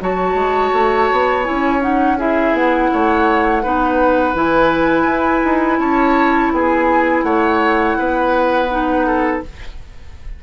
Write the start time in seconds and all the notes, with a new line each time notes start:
0.00 F#3 F#4 C#5 A5
0.34 G#3
0.73 A3
1.12 B3
1.44 C#4 E4 G#5
1.81 D#4 F#5
2.18 E4 G#4 E5
2.53 B3 F#5
2.92 A3 C#5
3.63 B3 D#4 B4
4.34 E3 E4 G#5
5.05 E4
5.44 D#4
5.79 C#4 C#5 A5
6.52 B3 G#4 G#5
7.23 A3 C#5 F#5
7.98 B3 B4
8.70 D#4
9.06 A4